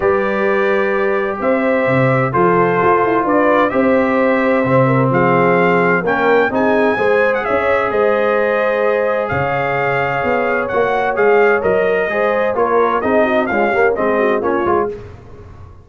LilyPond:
<<
  \new Staff \with { instrumentName = "trumpet" } { \time 4/4 \tempo 4 = 129 d''2. e''4~ | e''4 c''2 d''4 | e''2. f''4~ | f''4 g''4 gis''4.~ gis''16 fis''16 |
e''4 dis''2. | f''2. fis''4 | f''4 dis''2 cis''4 | dis''4 f''4 dis''4 cis''4 | }
  \new Staff \with { instrumentName = "horn" } { \time 4/4 b'2. c''4~ | c''4 a'2 b'4 | c''2~ c''8 ais'8 gis'4~ | gis'4 ais'4 gis'4 c''4 |
cis''4 c''2. | cis''1~ | cis''2 c''4 ais'4 | gis'8 fis'8 f'8 g'8 gis'8 fis'8 f'4 | }
  \new Staff \with { instrumentName = "trombone" } { \time 4/4 g'1~ | g'4 f'2. | g'2 c'2~ | c'4 cis'4 dis'4 gis'4~ |
gis'1~ | gis'2. fis'4 | gis'4 ais'4 gis'4 f'4 | dis'4 gis8 ais8 c'4 cis'8 f'8 | }
  \new Staff \with { instrumentName = "tuba" } { \time 4/4 g2. c'4 | c4 f4 f'8 e'8 d'4 | c'2 c4 f4~ | f4 ais4 c'4 gis4 |
cis'4 gis2. | cis2 b4 ais4 | gis4 fis4 gis4 ais4 | c'4 cis'4 gis4 ais8 gis8 | }
>>